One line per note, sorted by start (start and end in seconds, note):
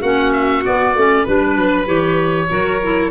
0.00 0.64 A#3
0.00 0.63 C#4
0.00 1.22 F#4
0.00 0.32 F#5
0.32 0.63 E5
0.63 0.94 B3
0.63 0.95 B3
0.63 1.27 D5
0.95 1.26 A3
0.95 1.27 C#4
1.22 1.56 G3
1.22 1.86 D4
1.22 2.46 B4
1.22 1.87 B4
1.56 1.87 F#3
1.86 2.49 E3
1.86 2.48 G4
1.86 3.11 C#5
2.50 3.11 F#3
2.50 2.81 F#4
2.50 3.11 A#4
2.82 3.11 E4